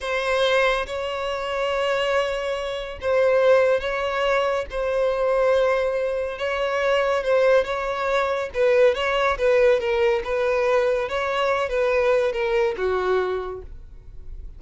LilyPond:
\new Staff \with { instrumentName = "violin" } { \time 4/4 \tempo 4 = 141 c''2 cis''2~ | cis''2. c''4~ | c''4 cis''2 c''4~ | c''2. cis''4~ |
cis''4 c''4 cis''2 | b'4 cis''4 b'4 ais'4 | b'2 cis''4. b'8~ | b'4 ais'4 fis'2 | }